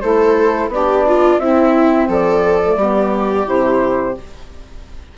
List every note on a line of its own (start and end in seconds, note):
0.00 0.68 A3
0.00 0.70 E4
0.00 0.72 A4
0.00 0.69 C5
0.68 1.37 B3
0.68 1.40 D4
0.68 1.39 D5
0.75 1.07 G4
1.07 1.42 F4
1.39 2.07 C4
1.39 2.61 C4
1.39 2.09 E4
1.39 2.08 E5
2.08 2.76 F3
2.08 2.78 A4
2.08 3.48 D5
2.62 2.79 A3
2.76 3.45 G3
2.76 3.45 B3
2.76 4.17 G4
3.45 4.17 C3
3.45 4.14 E4
3.45 4.17 C5